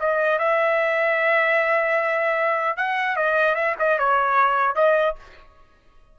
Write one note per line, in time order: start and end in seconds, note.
0.00 0.39 D#5
0.39 2.77 E5
2.77 3.17 F#5
3.17 3.55 D#5
3.55 3.75 E5
3.79 3.99 D#5
3.99 4.76 C#5
4.76 5.16 D#5